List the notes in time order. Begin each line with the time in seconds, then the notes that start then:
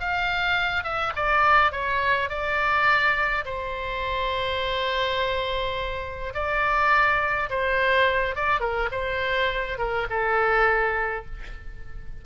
0.00 F5
0.84 E5
1.16 D5
1.72 C#5
2.29 D5
3.45 C5
6.34 D5
7.50 C5
8.36 D5
8.60 A#4
8.92 C5
9.78 A#4
10.10 A4